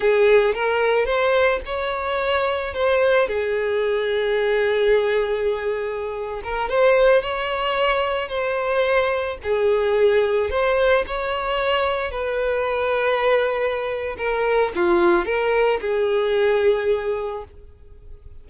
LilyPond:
\new Staff \with { instrumentName = "violin" } { \time 4/4 \tempo 4 = 110 gis'4 ais'4 c''4 cis''4~ | cis''4 c''4 gis'2~ | gis'2.~ gis'8. ais'16~ | ais'16 c''4 cis''2 c''8.~ |
c''4~ c''16 gis'2 c''8.~ | c''16 cis''2 b'4.~ b'16~ | b'2 ais'4 f'4 | ais'4 gis'2. | }